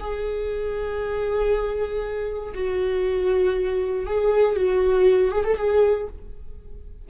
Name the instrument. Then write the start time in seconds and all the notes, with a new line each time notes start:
viola
0.00 G#4
2.54 F#4
4.07 G#4
4.56 F#4
5.32 G#4
5.45 A4
5.57 G#4